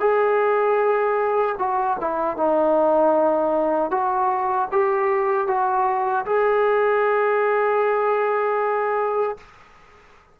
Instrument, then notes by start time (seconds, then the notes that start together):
trombone
0.00 G#4
1.58 F#4
2.00 E4
2.37 D#4
3.91 F#4
4.72 G4
5.47 F#4
6.26 G#4